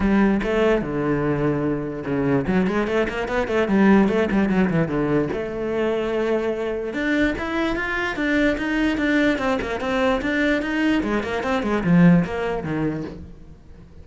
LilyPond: \new Staff \with { instrumentName = "cello" } { \time 4/4 \tempo 4 = 147 g4 a4 d2~ | d4 cis4 fis8 gis8 a8 ais8 | b8 a8 g4 a8 g8 fis8 e8 | d4 a2.~ |
a4 d'4 e'4 f'4 | d'4 dis'4 d'4 c'8 ais8 | c'4 d'4 dis'4 gis8 ais8 | c'8 gis8 f4 ais4 dis4 | }